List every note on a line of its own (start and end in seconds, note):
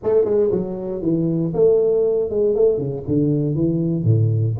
0.03 0.24 A3
0.24 0.50 G#3
0.51 1.02 F#3
1.02 1.53 E3
1.53 2.30 A3
2.30 2.55 G#3
2.55 2.77 A3
2.77 3.03 C#3
3.07 3.55 D3
3.55 4.04 E3
4.04 4.55 A2